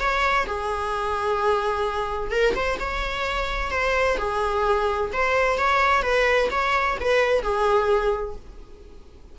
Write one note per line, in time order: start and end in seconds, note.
0.00 0.47 C#5
0.47 2.32 G#4
2.32 2.55 A#4
2.56 2.79 C5
2.80 3.71 C#5
3.71 4.18 C5
4.19 5.12 G#4
5.13 5.58 C5
5.58 6.03 C#5
6.03 6.49 B4
6.51 6.98 C#5
7.01 7.43 B4
7.43 8.36 G#4